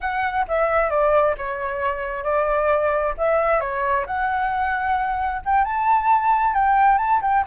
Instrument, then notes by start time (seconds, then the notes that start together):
flute
0.01 F#5
0.48 E5
0.90 D5
1.37 C#5
2.23 D5
3.17 E5
3.60 C#5
4.06 F#5
5.45 G5
5.64 A5
6.54 G5
6.98 A5
7.21 G5